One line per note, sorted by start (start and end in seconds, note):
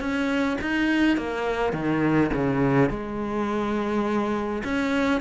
0.00 0.58 C#4
0.61 1.17 D#4
1.17 1.73 A#3
1.73 2.31 D#3
2.34 2.90 C#3
2.90 4.63 G#3
4.64 5.21 C#4